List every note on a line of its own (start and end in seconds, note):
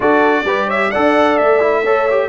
0.00 0.44 D4
0.00 0.45 F#4
0.00 0.45 A4
0.00 0.70 D5
0.44 0.90 G3
0.44 0.92 G4
0.44 0.66 B4
0.66 0.90 C#5
0.66 0.91 E5
0.90 1.39 D4
0.90 1.60 A4
0.90 1.82 D5
0.90 1.37 F#5
1.37 2.28 A3
1.37 2.28 E5
1.60 1.83 E4
1.83 2.09 A4
1.83 2.28 C#5
2.10 2.28 G4